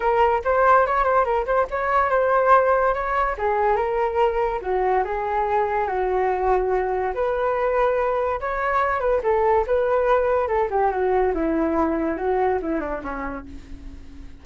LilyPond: \new Staff \with { instrumentName = "flute" } { \time 4/4 \tempo 4 = 143 ais'4 c''4 cis''8 c''8 ais'8 c''8 | cis''4 c''2 cis''4 | gis'4 ais'2 fis'4 | gis'2 fis'2~ |
fis'4 b'2. | cis''4. b'8 a'4 b'4~ | b'4 a'8 g'8 fis'4 e'4~ | e'4 fis'4 e'8 d'8 cis'4 | }